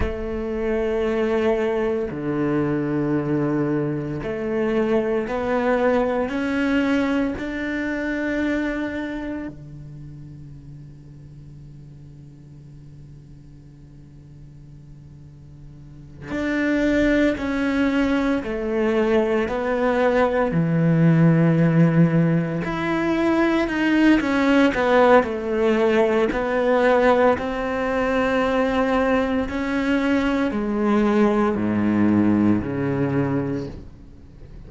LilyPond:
\new Staff \with { instrumentName = "cello" } { \time 4/4 \tempo 4 = 57 a2 d2 | a4 b4 cis'4 d'4~ | d'4 d2.~ | d2.~ d8 d'8~ |
d'8 cis'4 a4 b4 e8~ | e4. e'4 dis'8 cis'8 b8 | a4 b4 c'2 | cis'4 gis4 gis,4 cis4 | }